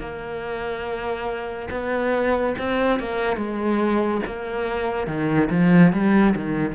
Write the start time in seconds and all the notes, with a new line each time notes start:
0.00 A#3
1.71 B3
2.59 C4
3.00 A#3
3.37 G#3
4.27 A#3
5.07 D#3
5.50 F3
5.93 G3
6.36 D#3